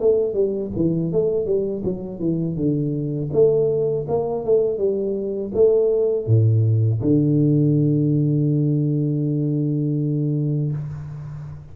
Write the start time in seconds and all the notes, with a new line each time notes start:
0.00 A3
0.34 G3
0.76 E3
1.12 A3
1.46 G3
1.85 F#3
2.20 E3
2.56 D3
3.33 A3
4.08 A#3
4.45 A3
4.78 G3
5.55 A3
6.27 A2
7.02 D3